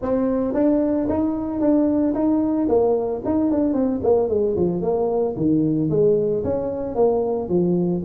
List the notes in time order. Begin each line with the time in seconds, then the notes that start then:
0.02 C4
0.54 D4
1.08 D#4
1.60 D4
2.14 D#4
2.68 A#3
3.25 D#4
3.51 D4
3.73 C4
4.02 A#3
4.28 G#3
4.56 F3
4.81 A#3
5.36 D#3
5.90 G#3
6.44 C#4
6.95 A#3
7.48 F3